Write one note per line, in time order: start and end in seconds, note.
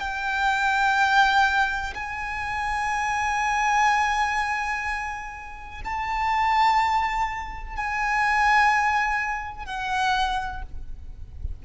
0.00 1.94 G5
1.94 5.81 G#5
5.84 7.76 A5
7.76 9.66 G#5
9.66 10.62 F#5